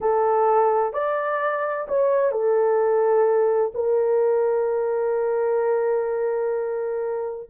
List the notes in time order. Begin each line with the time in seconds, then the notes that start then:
0.00 A4
0.93 D5
1.87 C#5
2.31 A4
3.74 A#4